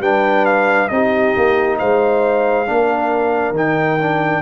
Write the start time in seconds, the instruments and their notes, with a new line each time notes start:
0.00 tuba G3, trombone D4, horn B4, trumpet G5
0.46 trumpet F5
0.89 tuba C4, trombone D#4, horn G4, trumpet D#5
1.37 tuba A#3
1.79 tuba G#3, horn C5, trumpet F5
2.67 tuba A#3, trombone D4, horn A#4
3.51 tuba D#3, trombone D#4, trumpet G5
4.00 trombone D4